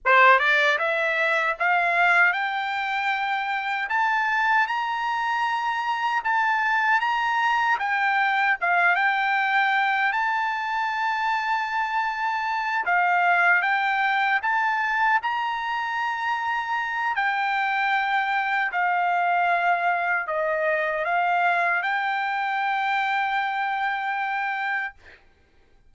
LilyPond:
\new Staff \with { instrumentName = "trumpet" } { \time 4/4 \tempo 4 = 77 c''8 d''8 e''4 f''4 g''4~ | g''4 a''4 ais''2 | a''4 ais''4 g''4 f''8 g''8~ | g''4 a''2.~ |
a''8 f''4 g''4 a''4 ais''8~ | ais''2 g''2 | f''2 dis''4 f''4 | g''1 | }